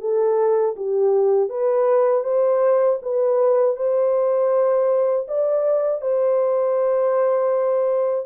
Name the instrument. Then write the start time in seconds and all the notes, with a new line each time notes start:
horn
0.00 A4
0.76 G4
1.49 B4
2.23 C5
3.02 B4
3.76 C5
5.27 D5
6.01 C5